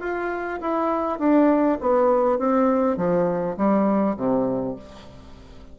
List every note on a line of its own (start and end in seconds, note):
0.00 0.59 F4
0.60 1.19 E4
1.19 1.78 D4
1.80 2.38 B3
2.38 2.97 C4
2.97 3.56 F3
3.57 4.16 G3
4.16 4.76 C3